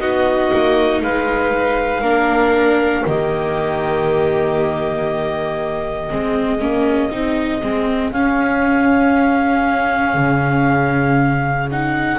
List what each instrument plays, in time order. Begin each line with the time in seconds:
0.00 double bass B3, viola D#4, violin F#4, clarinet D#5
0.54 double bass A#3
1.02 double bass G#3, violin B4, clarinet F5
2.02 double bass A#3, viola D4, violin A#4
3.05 double bass D#3, viola A#3, violin G4, clarinet D#5
6.11 double bass G#3, viola C4, violin G#4
6.60 double bass A#3, viola C#4
7.11 double bass C4, viola D#4
7.63 double bass G#3, viola C4
8.12 double bass C#4, viola C#4, clarinet F5
10.15 double bass C#3
11.72 viola D#4, clarinet F#5